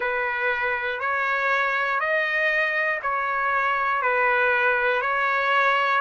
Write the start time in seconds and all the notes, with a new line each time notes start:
0.00 B4
1.00 C#5
2.00 D#5
3.02 C#5
4.01 B4
5.01 C#5